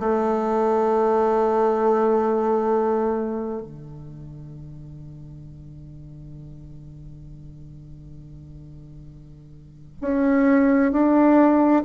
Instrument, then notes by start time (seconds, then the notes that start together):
bassoon
0.00 A3
3.62 D3
10.02 C#4
10.93 D4